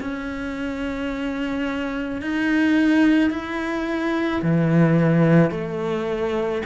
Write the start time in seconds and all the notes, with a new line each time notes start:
0.00 C#4
2.22 D#4
3.30 E4
4.42 E3
5.51 A3